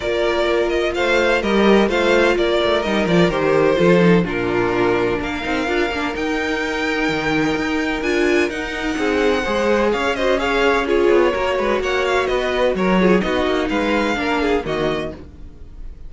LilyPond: <<
  \new Staff \with { instrumentName = "violin" } { \time 4/4 \tempo 4 = 127 d''4. dis''8 f''4 dis''4 | f''4 d''4 dis''8 d''8 c''4~ | c''4 ais'2 f''4~ | f''4 g''2.~ |
g''4 gis''4 fis''2~ | fis''4 f''8 dis''8 f''4 cis''4~ | cis''4 fis''8 f''8 dis''4 cis''4 | dis''4 f''2 dis''4 | }
  \new Staff \with { instrumentName = "violin" } { \time 4/4 ais'2 c''4 ais'4 | c''4 ais'2. | a'4 f'2 ais'4~ | ais'1~ |
ais'2. gis'4 | c''4 cis''8 c''8 cis''4 gis'4 | ais'8 b'8 cis''4 b'4 ais'8 gis'8 | fis'4 b'4 ais'8 gis'8 fis'4 | }
  \new Staff \with { instrumentName = "viola" } { \time 4/4 f'2. g'4 | f'2 dis'8 f'8 g'4 | f'8 dis'8 d'2~ d'8 dis'8 | f'8 d'8 dis'2.~ |
dis'4 f'4 dis'2 | gis'4. fis'8 gis'4 f'4 | fis'2.~ fis'8 f'8 | dis'2 d'4 ais4 | }
  \new Staff \with { instrumentName = "cello" } { \time 4/4 ais2 a4 g4 | a4 ais8 a8 g8 f8 dis4 | f4 ais,2 ais8 c'8 | d'8 ais8 dis'2 dis4 |
dis'4 d'4 dis'4 c'4 | gis4 cis'2~ cis'8 b8 | ais8 gis8 ais4 b4 fis4 | b8 ais8 gis4 ais4 dis4 | }
>>